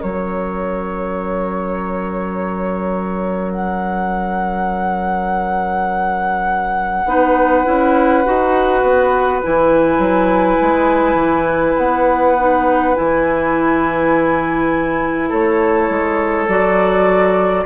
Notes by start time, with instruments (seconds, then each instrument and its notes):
0.00 bassoon F#3, clarinet C#4, oboe A#4, flute C#5
3.51 flute F#5
7.05 bassoon B3, clarinet D#4, oboe B4
7.64 bassoon C#4, clarinet E4
8.25 bassoon D#4, clarinet F#4
8.82 bassoon B3
9.43 bassoon E3, clarinet E4, flute G#5
9.98 bassoon F#3
10.61 bassoon G#3
11.14 bassoon E3
11.77 bassoon B3, flute F#5
12.38 clarinet D#4
12.95 bassoon E3, clarinet E4, flute G#5
15.29 bassoon A3, oboe A4, flute C#5
15.89 bassoon G#3
16.47 bassoon F#3, clarinet F#4, flute D5